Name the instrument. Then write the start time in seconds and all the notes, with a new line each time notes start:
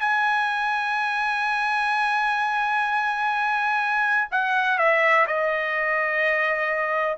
trumpet
0.00 G#5
4.31 F#5
4.78 E5
5.27 D#5